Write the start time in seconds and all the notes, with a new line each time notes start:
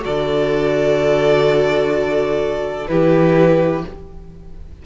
0.00 D3 F#4 A4 D5
2.87 E3 E4 G4 B4